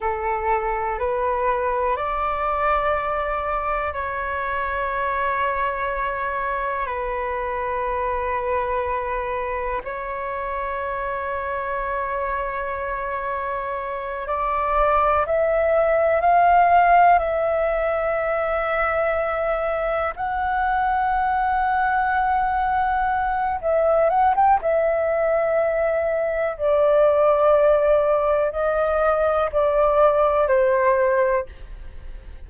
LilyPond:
\new Staff \with { instrumentName = "flute" } { \time 4/4 \tempo 4 = 61 a'4 b'4 d''2 | cis''2. b'4~ | b'2 cis''2~ | cis''2~ cis''8 d''4 e''8~ |
e''8 f''4 e''2~ e''8~ | e''8 fis''2.~ fis''8 | e''8 fis''16 g''16 e''2 d''4~ | d''4 dis''4 d''4 c''4 | }